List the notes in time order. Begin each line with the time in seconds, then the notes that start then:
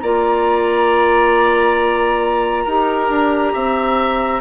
0.00 A#3 F4 D5 A#5
2.64 D#4 G4 A#4
3.09 D4
3.53 C4 E5